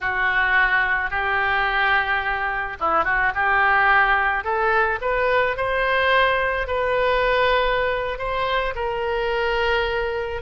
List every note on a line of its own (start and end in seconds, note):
0.00 1.10 F#4
1.10 2.77 G4
2.80 3.04 E4
3.04 3.32 F#4
3.34 4.43 G4
4.43 4.99 A4
5.01 5.56 B4
5.56 6.67 C5
6.67 8.18 B4
8.18 8.73 C5
8.75 10.42 A#4